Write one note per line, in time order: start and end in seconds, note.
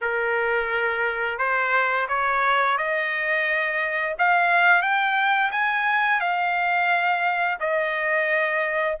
0.01 1.38 A#4
1.38 2.07 C5
2.08 2.77 C#5
2.77 4.15 D#5
4.18 4.82 F5
4.82 5.50 G5
5.51 6.20 G#5
6.20 7.58 F5
7.60 8.97 D#5